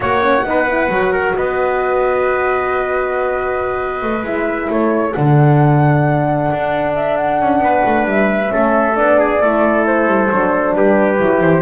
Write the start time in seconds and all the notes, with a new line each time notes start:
0.00 A#3 F#4 C#5 F#5
0.20 C#4
0.45 B3 D#4 B4
0.68 E4
0.89 F#3 F#4
1.12 A#4
1.35 B3 B4 D#5
4.02 A3
4.23 G#3 E4 E5
4.69 A3 A4 C#5
5.13 D3 D4 F#5
6.51 D4
6.94 E5
7.16 F#5
7.41 C#4
7.59 B3 B4
7.85 A3
8.04 G3 E5
8.48 C#4 A4
8.54 A3
8.95 B3 D4 D5
9.19 G#4
9.40 A3 E4 A4
9.86 C5
10.06 G3
10.31 F#3 D4
10.75 G3 G4 B4
11.18 F#3 E4
11.41 E3 C5